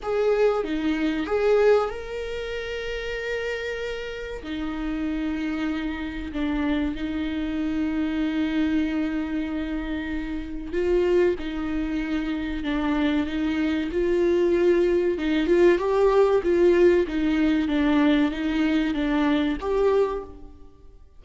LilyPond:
\new Staff \with { instrumentName = "viola" } { \time 4/4 \tempo 4 = 95 gis'4 dis'4 gis'4 ais'4~ | ais'2. dis'4~ | dis'2 d'4 dis'4~ | dis'1~ |
dis'4 f'4 dis'2 | d'4 dis'4 f'2 | dis'8 f'8 g'4 f'4 dis'4 | d'4 dis'4 d'4 g'4 | }